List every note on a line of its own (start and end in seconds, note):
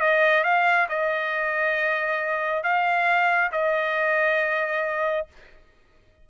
0.00 0.44 D#5
0.44 0.87 F5
0.89 2.63 D#5
2.63 3.51 F5
3.52 5.27 D#5